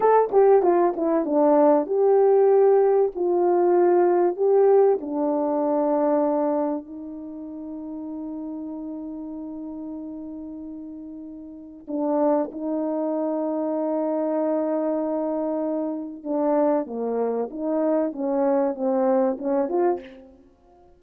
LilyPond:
\new Staff \with { instrumentName = "horn" } { \time 4/4 \tempo 4 = 96 a'8 g'8 f'8 e'8 d'4 g'4~ | g'4 f'2 g'4 | d'2. dis'4~ | dis'1~ |
dis'2. d'4 | dis'1~ | dis'2 d'4 ais4 | dis'4 cis'4 c'4 cis'8 f'8 | }